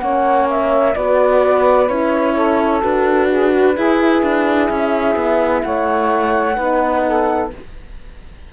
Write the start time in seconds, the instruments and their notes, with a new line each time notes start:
0.00 cello A#3, horn C#4, saxophone C#5, flute F#5
0.50 flute E5
0.95 cello B3, horn F#4, saxophone B4, flute D5
1.88 cello C#4, horn E4, flute C#5
2.35 saxophone A4
2.81 cello D4, horn F#4, flute B4
3.30 saxophone G#4
3.51 saxophone F#4
3.75 horn E4, cello E4, saxophone G#4
4.23 cello D4
4.70 cello C#4, flute E5
5.16 cello B3
5.63 cello A3, saxophone C#5, flute F#5
6.55 cello B3, horn D#4, saxophone B4
7.06 saxophone A4